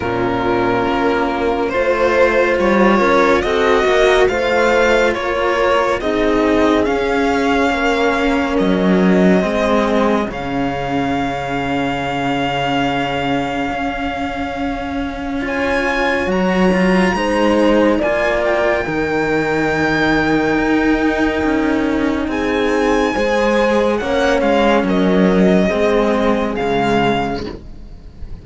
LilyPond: <<
  \new Staff \with { instrumentName = "violin" } { \time 4/4 \tempo 4 = 70 ais'2 c''4 cis''4 | dis''4 f''4 cis''4 dis''4 | f''2 dis''2 | f''1~ |
f''2 gis''4 ais''4~ | ais''4 gis''8 g''2~ g''8~ | g''2 gis''2 | fis''8 f''8 dis''2 f''4 | }
  \new Staff \with { instrumentName = "horn" } { \time 4/4 f'2 c''4. ais'8 | a'8 ais'8 c''4 ais'4 gis'4~ | gis'4 ais'2 gis'4~ | gis'1~ |
gis'2 cis''2 | c''4 d''4 ais'2~ | ais'2 gis'4 c''4 | cis''4 ais'4 gis'2 | }
  \new Staff \with { instrumentName = "cello" } { \time 4/4 cis'2 f'2 | fis'4 f'2 dis'4 | cis'2. c'4 | cis'1~ |
cis'2 f'4 fis'8 f'8 | dis'4 f'4 dis'2~ | dis'2. gis'4 | cis'2 c'4 gis4 | }
  \new Staff \with { instrumentName = "cello" } { \time 4/4 ais,4 ais4 a4 g8 cis'8 | c'8 ais8 a4 ais4 c'4 | cis'4 ais4 fis4 gis4 | cis1 |
cis'2. fis4 | gis4 ais4 dis2 | dis'4 cis'4 c'4 gis4 | ais8 gis8 fis4 gis4 cis4 | }
>>